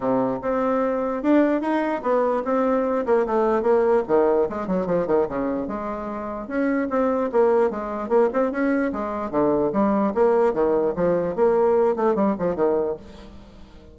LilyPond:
\new Staff \with { instrumentName = "bassoon" } { \time 4/4 \tempo 4 = 148 c4 c'2 d'4 | dis'4 b4 c'4. ais8 | a4 ais4 dis4 gis8 fis8 | f8 dis8 cis4 gis2 |
cis'4 c'4 ais4 gis4 | ais8 c'8 cis'4 gis4 d4 | g4 ais4 dis4 f4 | ais4. a8 g8 f8 dis4 | }